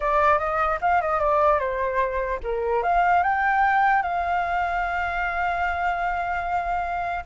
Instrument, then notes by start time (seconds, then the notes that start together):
flute
0.00 D5
0.38 D#5
0.81 F5
1.01 D#5
1.19 D5
1.59 C5
2.43 A#4
2.82 F5
3.23 G5
4.02 F5